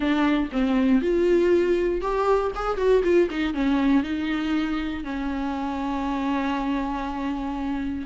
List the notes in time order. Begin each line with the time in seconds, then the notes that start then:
0.00 D4
0.52 C4
1.01 F4
2.01 G4
2.55 G#4
2.77 F#4
3.03 F4
3.30 D#4
3.54 C#4
4.03 D#4
5.04 C#4